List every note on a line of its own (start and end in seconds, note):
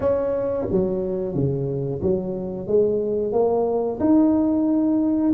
0.00 0.66 C#4
0.71 1.34 F#3
1.34 2.01 C#3
2.02 2.67 F#3
2.67 3.32 G#3
3.32 3.98 A#3
4.00 5.33 D#4